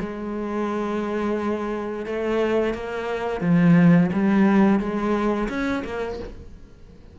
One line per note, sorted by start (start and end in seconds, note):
0.00 2.06 G#3
2.06 2.74 A3
2.74 3.41 A#3
3.41 4.10 F3
4.13 4.80 G3
4.80 5.49 G#3
5.49 5.83 C#4
5.85 6.19 A#3